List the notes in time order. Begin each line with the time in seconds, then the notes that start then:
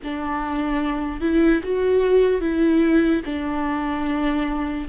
0.03 D4
1.20 E4
1.63 F#4
2.41 E4
3.25 D4